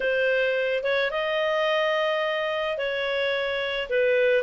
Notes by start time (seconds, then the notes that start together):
0.00 C5
0.83 C#5
1.10 D#5
2.77 C#5
3.89 B4